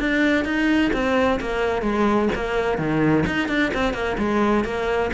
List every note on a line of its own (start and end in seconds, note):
0.00 0.45 D4
0.45 0.92 D#4
0.93 1.40 C4
1.41 1.83 A#3
1.83 2.29 G#3
2.36 2.78 A#3
2.78 3.25 D#3
3.27 3.49 D#4
3.49 3.72 D4
3.75 3.94 C4
3.94 4.17 A#3
4.19 4.65 G#3
4.65 5.11 A#3